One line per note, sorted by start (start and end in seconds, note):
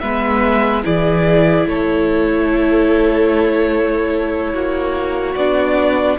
0.00 0.84 G#3
0.00 0.84 B3
0.00 0.84 B4
0.00 0.82 E5
0.84 1.66 E3
0.84 5.36 E4
0.84 1.67 G#4
0.84 1.68 D5
1.66 4.53 A3
1.66 4.53 A4
1.66 5.35 C#5
4.53 5.36 A#3
4.53 6.17 F#4
5.35 6.18 B3
5.35 6.19 D4
5.35 6.17 D5